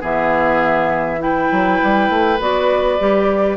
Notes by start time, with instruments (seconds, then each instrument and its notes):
0.00 bassoon E3, clarinet B3, oboe G#4, flute E5
1.18 clarinet E4, oboe B4, flute G5
1.51 bassoon F#3
1.83 bassoon G3
2.09 bassoon A3
2.39 bassoon B3, clarinet F#4, flute D5
2.99 bassoon G3, clarinet G4